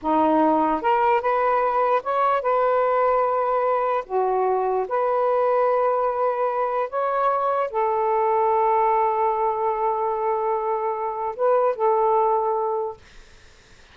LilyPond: \new Staff \with { instrumentName = "saxophone" } { \time 4/4 \tempo 4 = 148 dis'2 ais'4 b'4~ | b'4 cis''4 b'2~ | b'2 fis'2 | b'1~ |
b'4 cis''2 a'4~ | a'1~ | a'1 | b'4 a'2. | }